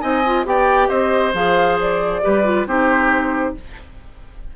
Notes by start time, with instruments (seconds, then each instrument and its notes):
0.00 bassoon C4, clarinet D#4, oboe D#5, flute G#5
0.26 clarinet F4
0.45 bassoon B3, clarinet G4, oboe D5, flute G5
0.89 bassoon C4, oboe C5, flute D#5
1.34 bassoon F3, clarinet G#4, flute F5
1.81 flute D5
2.23 bassoon G3, clarinet G4, oboe B4
2.45 clarinet F4
2.67 bassoon C4, clarinet D#4, oboe G4, flute C5